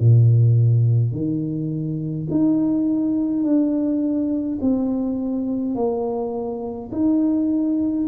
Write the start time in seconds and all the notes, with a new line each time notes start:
0.00 A#2
1.13 D#3
2.31 D#4
3.44 D4
4.62 C4
5.75 A#3
6.92 D#4